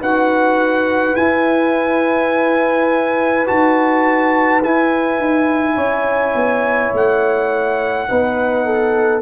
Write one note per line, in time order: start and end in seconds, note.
0.00 1.15 D#4
0.00 1.15 F#4
0.00 5.75 B4
0.00 1.15 F#5
1.15 3.46 E4
1.15 3.47 E4
1.15 3.46 G#5
3.46 4.63 D#4
3.46 4.61 F#4
3.46 4.62 A5
4.63 5.18 E4
4.63 8.08 E4
4.63 6.94 G#5
5.18 5.76 D#4
5.75 6.34 C#4
5.75 8.06 C#5
6.34 6.92 B3
6.93 8.08 A3
6.93 9.21 F#5
8.08 9.21 B3
8.08 9.21 D#4
8.08 8.65 B4
8.65 9.21 A4